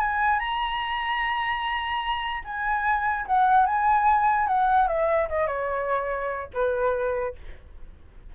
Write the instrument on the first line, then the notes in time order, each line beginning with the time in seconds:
flute
0.00 G#5
0.39 A#5
2.44 G#5
3.26 F#5
3.66 G#5
4.47 F#5
4.87 E5
5.28 D#5
5.46 C#5
6.53 B4